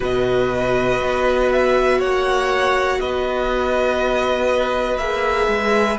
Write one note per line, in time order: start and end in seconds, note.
0.00 1.01 B2
0.00 4.98 F#4
0.00 1.98 B4
0.00 1.52 D#5
1.01 2.01 B3
1.52 2.00 E5
1.99 3.00 A#3
1.99 2.99 C#5
1.99 3.00 F#5
3.00 4.97 B3
3.00 5.99 B4
3.00 4.97 D#5
4.97 5.47 A#3
4.97 5.99 G#4
4.97 5.97 E5
5.47 5.97 G#3